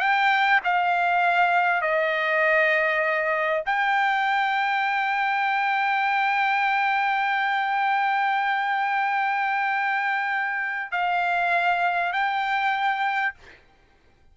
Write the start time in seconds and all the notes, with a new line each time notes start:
0.00 G5
0.64 F5
1.82 D#5
3.66 G5
10.91 F5
12.13 G5